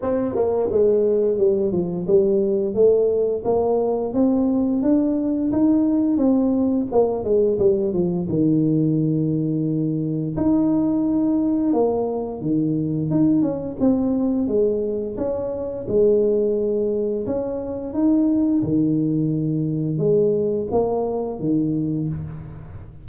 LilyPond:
\new Staff \with { instrumentName = "tuba" } { \time 4/4 \tempo 4 = 87 c'8 ais8 gis4 g8 f8 g4 | a4 ais4 c'4 d'4 | dis'4 c'4 ais8 gis8 g8 f8 | dis2. dis'4~ |
dis'4 ais4 dis4 dis'8 cis'8 | c'4 gis4 cis'4 gis4~ | gis4 cis'4 dis'4 dis4~ | dis4 gis4 ais4 dis4 | }